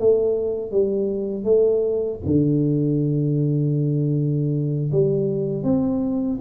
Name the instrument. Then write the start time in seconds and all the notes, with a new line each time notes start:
tuba
0.00 A3
0.72 G3
1.44 A3
2.25 D3
4.92 G3
5.64 C4